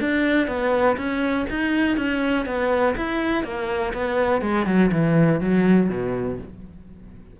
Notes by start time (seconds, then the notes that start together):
0.00 D4
0.47 B3
0.97 C#4
1.49 D#4
1.97 C#4
2.46 B3
2.96 E4
3.43 A#3
3.93 B3
4.41 G#3
4.66 F#3
4.92 E3
5.40 F#3
5.89 B2